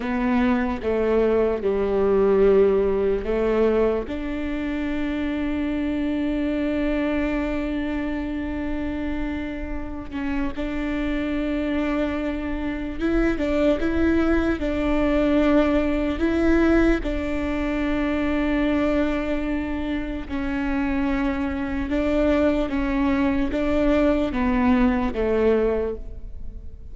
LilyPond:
\new Staff \with { instrumentName = "viola" } { \time 4/4 \tempo 4 = 74 b4 a4 g2 | a4 d'2.~ | d'1~ | d'8 cis'8 d'2. |
e'8 d'8 e'4 d'2 | e'4 d'2.~ | d'4 cis'2 d'4 | cis'4 d'4 b4 a4 | }